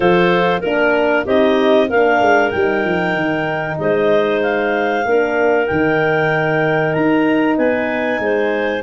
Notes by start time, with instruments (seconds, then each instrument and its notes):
0.00 tuba F3, horn F4, clarinet A4 C5
0.60 tuba A#3, horn D4, clarinet A#4
1.24 tuba C4, horn D#4, clarinet G4 D#5
1.87 tuba A#3, horn D4, clarinet A#4 F5
2.21 tuba G#3
2.51 tuba G3, horn D#4, clarinet G5
2.84 tuba F3
3.15 tuba D#3
3.78 tuba G#3, clarinet C5 D#5
4.41 clarinet F5
5.04 tuba A#3, horn D4, clarinet A#4
5.66 tuba D#3, horn D#4, clarinet G5
6.93 tuba D#4, clarinet A#5
7.56 tuba B3, clarinet B4 G#5
8.19 tuba G#3, clarinet C5